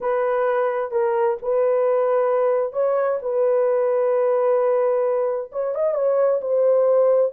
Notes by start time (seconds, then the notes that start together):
0.00 B4
0.91 A#4
1.42 B4
2.73 C#5
3.21 B4
5.51 C#5
5.74 D#5
5.94 C#5
6.41 C5